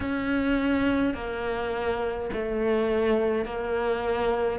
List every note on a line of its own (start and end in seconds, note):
0.00 1.14 C#4
1.14 2.30 A#3
2.32 3.45 A3
3.45 4.59 A#3